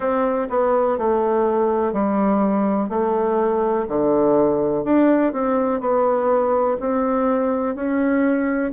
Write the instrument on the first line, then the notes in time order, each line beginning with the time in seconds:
bassoon
0.00 C4
0.49 B3
0.98 A3
1.92 G3
2.89 A3
3.88 D3
4.84 D4
5.32 C4
5.80 B3
6.80 C4
7.75 C#4